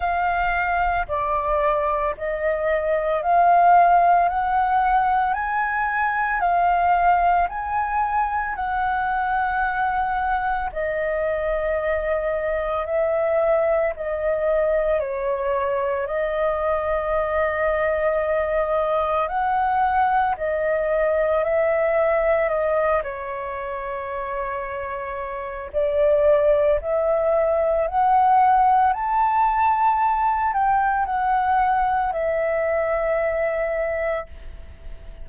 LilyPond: \new Staff \with { instrumentName = "flute" } { \time 4/4 \tempo 4 = 56 f''4 d''4 dis''4 f''4 | fis''4 gis''4 f''4 gis''4 | fis''2 dis''2 | e''4 dis''4 cis''4 dis''4~ |
dis''2 fis''4 dis''4 | e''4 dis''8 cis''2~ cis''8 | d''4 e''4 fis''4 a''4~ | a''8 g''8 fis''4 e''2 | }